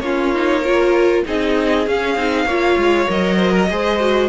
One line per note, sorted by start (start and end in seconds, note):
0.00 1.23 A#3
0.00 0.35 C#4
0.00 0.62 F4
0.00 1.22 C#5
0.35 0.64 D#4
0.62 1.26 F4
0.62 1.23 A#4
1.26 1.87 C4
1.26 1.87 D#4
1.26 2.46 G#4
1.26 1.89 D#5
1.87 2.16 C#4
1.87 2.17 C#4
1.87 3.11 F5
2.16 2.46 C4
2.16 2.48 D#4
2.46 2.76 A#3
2.46 3.08 F4
2.46 3.37 C#5
2.77 3.08 G#3
3.08 3.71 F#3
3.08 3.69 A#4
3.08 4.29 D#5
3.37 3.52 C5
3.52 3.67 A#4
3.70 4.29 G#3
3.70 4.00 G#4
3.70 4.29 C5
4.00 4.29 F#4